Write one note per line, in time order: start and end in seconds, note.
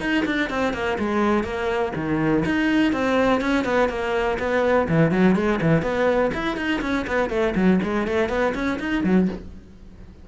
0.00 0.24 D#4
0.25 0.50 D4
0.50 0.74 C4
0.74 0.98 A#3
0.98 1.44 G#3
1.44 1.93 A#3
1.96 2.44 D#3
2.46 2.92 D#4
2.92 3.41 C4
3.41 3.65 C#4
3.65 3.89 B3
3.89 4.38 A#3
4.39 4.88 B3
4.88 5.11 E3
5.11 5.35 F#3
5.35 5.60 G#3
5.61 5.82 E3
5.82 6.31 B3
6.34 6.57 E4
6.57 6.81 D#4
6.81 7.06 C#4
7.07 7.30 B3
7.30 7.54 A3
7.55 7.80 F#3
7.83 8.07 G#3
8.07 8.29 A3
8.29 8.53 B3
8.55 8.79 C#4
8.80 9.04 D#4
9.04 9.28 F#3